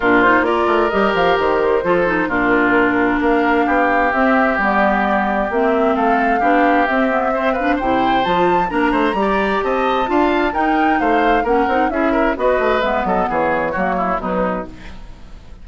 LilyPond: <<
  \new Staff \with { instrumentName = "flute" } { \time 4/4 \tempo 4 = 131 ais'8 c''8 d''4 dis''8 f''8 c''4~ | c''4 ais'2 f''4~ | f''4 e''4 d''2 | e''4 f''2 e''4~ |
e''8 f''8 g''4 a''4 ais''4~ | ais''4 a''2 g''4 | f''4 fis''4 e''4 dis''4 | e''8 dis''8 cis''2 b'4 | }
  \new Staff \with { instrumentName = "oboe" } { \time 4/4 f'4 ais'2. | a'4 f'2 ais'4 | g'1~ | g'4 a'4 g'2 |
c''8 b'8 c''2 ais'8 c''8 | d''4 dis''4 f''4 ais'4 | c''4 ais'4 gis'8 ais'8 b'4~ | b'8 a'8 gis'4 fis'8 e'8 dis'4 | }
  \new Staff \with { instrumentName = "clarinet" } { \time 4/4 d'8 dis'8 f'4 g'2 | f'8 dis'8 d'2.~ | d'4 c'4 b2 | c'2 d'4 c'8 b8 |
c'8 d'8 e'4 f'4 d'4 | g'2 f'4 dis'4~ | dis'4 cis'8 dis'8 e'4 fis'4 | b2 ais4 fis4 | }
  \new Staff \with { instrumentName = "bassoon" } { \time 4/4 ais,4 ais8 a8 g8 f8 dis4 | f4 ais,2 ais4 | b4 c'4 g2 | ais4 a4 b4 c'4~ |
c'4 c4 f4 ais8 a8 | g4 c'4 d'4 dis'4 | a4 ais8 c'8 cis'4 b8 a8 | gis8 fis8 e4 fis4 b,4 | }
>>